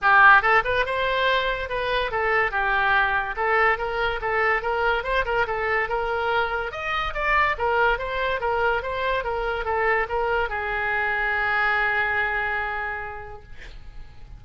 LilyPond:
\new Staff \with { instrumentName = "oboe" } { \time 4/4 \tempo 4 = 143 g'4 a'8 b'8 c''2 | b'4 a'4 g'2 | a'4 ais'4 a'4 ais'4 | c''8 ais'8 a'4 ais'2 |
dis''4 d''4 ais'4 c''4 | ais'4 c''4 ais'4 a'4 | ais'4 gis'2.~ | gis'1 | }